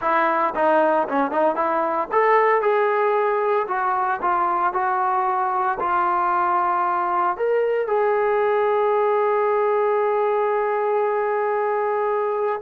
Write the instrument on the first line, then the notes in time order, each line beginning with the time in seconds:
trombone
0.01 E4
0.55 D#4
1.08 C#4
1.31 D#4
1.55 E4
2.11 A4
2.61 G#4
3.67 F#4
4.21 F4
4.73 F#4
5.79 F4
7.36 A#4
7.87 G#4